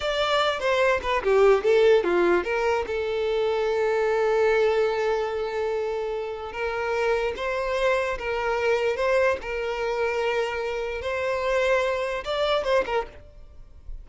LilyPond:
\new Staff \with { instrumentName = "violin" } { \time 4/4 \tempo 4 = 147 d''4. c''4 b'8 g'4 | a'4 f'4 ais'4 a'4~ | a'1~ | a'1 |
ais'2 c''2 | ais'2 c''4 ais'4~ | ais'2. c''4~ | c''2 d''4 c''8 ais'8 | }